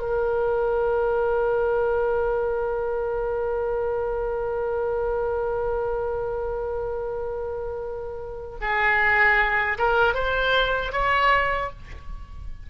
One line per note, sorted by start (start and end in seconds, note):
0.00 8.57 A#4
8.61 9.78 G#4
9.79 10.15 A#4
10.15 10.93 C5
10.93 11.71 C#5